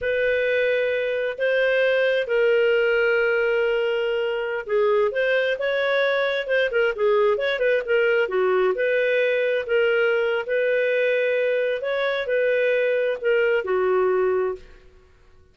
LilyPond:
\new Staff \with { instrumentName = "clarinet" } { \time 4/4 \tempo 4 = 132 b'2. c''4~ | c''4 ais'2.~ | ais'2~ ais'16 gis'4 c''8.~ | c''16 cis''2 c''8 ais'8 gis'8.~ |
gis'16 cis''8 b'8 ais'4 fis'4 b'8.~ | b'4~ b'16 ais'4.~ ais'16 b'4~ | b'2 cis''4 b'4~ | b'4 ais'4 fis'2 | }